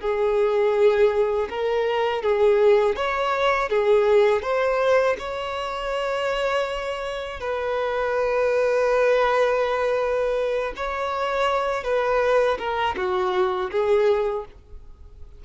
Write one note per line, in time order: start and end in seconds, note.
0.00 1.48 G#4
1.49 2.22 A#4
2.22 2.96 G#4
2.96 3.69 C#5
3.69 4.42 G#4
4.42 5.16 C5
5.18 7.40 C#5
7.40 10.73 B4
10.76 11.84 C#5
11.84 12.58 B4
12.58 12.95 A#4
12.96 13.70 F#4
13.71 14.45 G#4